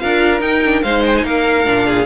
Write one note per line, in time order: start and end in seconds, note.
0.00 0.42 D4
0.00 0.40 F4
0.00 0.84 A#4
0.00 0.41 F5
0.40 0.61 D#4
0.40 0.83 D#4
0.40 0.83 G5
0.66 0.84 D4
0.83 1.25 G#3
0.83 1.66 D#4
0.83 1.26 C5
0.83 1.03 F5
1.07 1.17 G5
1.17 1.26 G#5
1.25 1.66 A#3
1.25 1.87 A#4
1.25 2.07 F5
1.66 2.07 A#2
1.66 2.07 D4
1.87 2.07 G#4